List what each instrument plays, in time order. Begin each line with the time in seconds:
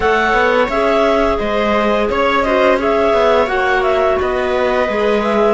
0.00 cello A3, clarinet A4 F#5, viola C#5
0.33 cello B3
0.68 cello C#4, clarinet G#4 E5
1.37 cello G#3, viola C5, clarinet D#5
2.09 cello C#4, clarinet C#5, viola C#5
2.42 clarinet F#4 D#5, viola C5
2.78 clarinet G#4 E5, viola C#5
3.13 cello B3
3.46 cello A#3, clarinet F#4 F#5
3.83 clarinet E5
4.20 cello B3, viola B4, clarinet D#5
4.87 cello G#3, clarinet G#4
5.22 clarinet E5